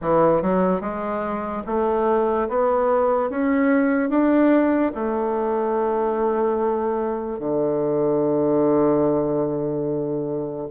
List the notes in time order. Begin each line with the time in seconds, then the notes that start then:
0.01 E3
0.41 F#3
0.80 G#3
1.66 A3
2.48 B3
3.30 C#4
4.09 D4
4.95 A3
7.39 D3